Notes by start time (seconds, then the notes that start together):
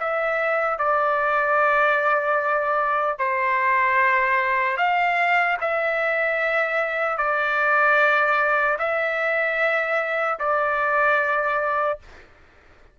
0.00 E5
0.79 D5
3.19 C5
4.77 F5
5.61 E5
7.18 D5
8.79 E5
10.39 D5